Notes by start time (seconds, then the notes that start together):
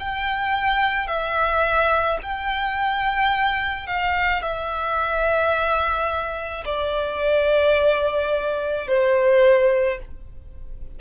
0.00 G5
1.08 E5
2.23 G5
3.87 F5
4.42 E5
6.66 D5
8.88 C5